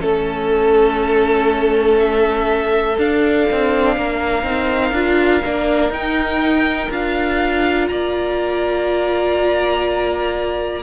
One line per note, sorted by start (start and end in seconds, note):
0.00 2.96 A3
0.00 2.95 C#4
0.00 1.98 A4
0.00 3.96 A4
1.99 2.98 E5
2.98 3.47 D4
2.98 4.43 D4
2.98 5.92 F5
3.52 3.96 C4
3.96 4.43 A#3
3.96 7.90 A#4
4.43 4.91 C4
4.43 4.93 D#4
4.91 5.41 D4
4.91 5.43 F4
5.44 5.89 A#3
5.44 5.91 D4
5.89 6.87 D#4
5.89 6.90 D#4
5.89 6.91 G5
6.90 7.88 D4
6.90 10.83 F4
6.90 7.88 F5
7.88 10.83 A#3
7.88 10.83 D5
7.88 10.83 A#5